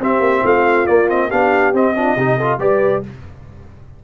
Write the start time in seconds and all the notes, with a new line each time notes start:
0.00 C4 G4 E5
0.20 A#3
0.44 A3 F4 F5
0.87 A#3 D5
1.09 C4 D#5
1.29 B3 D4 G4 F5
1.74 C4 D#5
1.96 D4 F4
2.16 C3 D#4 G4
2.37 F4 A4
2.59 G3 G4 B4 D5